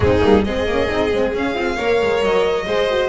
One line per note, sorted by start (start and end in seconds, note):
0.00 0.21 G#3
0.00 0.20 C4
0.00 0.45 D#4
0.00 0.44 G#4
0.20 0.45 G3
0.20 0.42 A#3
0.44 0.65 G#3
0.44 0.68 C4
0.44 1.75 G#4
0.44 1.33 D#5
0.65 0.87 A#3
0.65 0.88 C#4
0.88 1.12 C4
0.88 1.11 D#4
1.12 1.33 G#3
1.12 1.35 C4
1.33 1.55 C#4
1.33 1.54 C#4
1.33 2.23 F5
1.54 1.77 C4
1.54 1.76 F4
1.75 2.01 A#3
1.75 2.66 A#4
1.75 2.64 C#5
2.01 2.22 G#3
2.22 2.66 F#3
2.22 3.09 D#5
2.66 3.09 G#3
2.66 2.88 G#4
2.66 3.09 C5
2.90 3.09 F#4